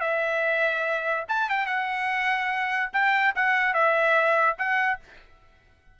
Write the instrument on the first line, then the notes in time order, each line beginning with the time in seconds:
trumpet
0.00 E5
1.28 A5
1.49 G5
1.66 F#5
2.93 G5
3.35 F#5
3.73 E5
4.58 F#5